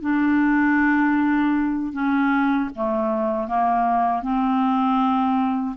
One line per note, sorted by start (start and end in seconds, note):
0.00 1.92 D4
1.92 2.69 C#4
2.75 3.48 A3
3.48 4.22 A#3
4.22 5.76 C4